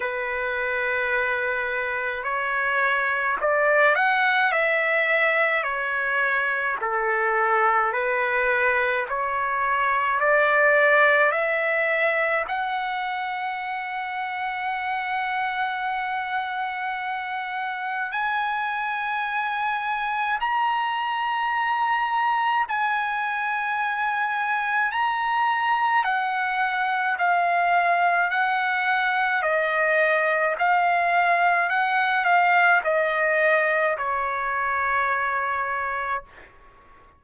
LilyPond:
\new Staff \with { instrumentName = "trumpet" } { \time 4/4 \tempo 4 = 53 b'2 cis''4 d''8 fis''8 | e''4 cis''4 a'4 b'4 | cis''4 d''4 e''4 fis''4~ | fis''1 |
gis''2 ais''2 | gis''2 ais''4 fis''4 | f''4 fis''4 dis''4 f''4 | fis''8 f''8 dis''4 cis''2 | }